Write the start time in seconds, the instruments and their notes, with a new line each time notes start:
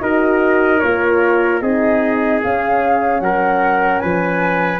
0.00 tuba D#4, horn F#4, trumpet A#4, flute D#5
0.79 tuba A#3, horn F4, flute C#5
1.60 tuba C4, horn D#4, trumpet G#4, flute D#5
2.43 horn C#4, tuba C#4, flute F5
3.20 tuba F#3, trumpet A#4, flute F#5
3.99 tuba F3, trumpet B4, flute G#5